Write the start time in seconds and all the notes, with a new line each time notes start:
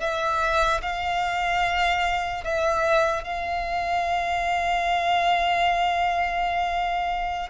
0.00 E5
0.82 F5
2.44 E5
3.24 F5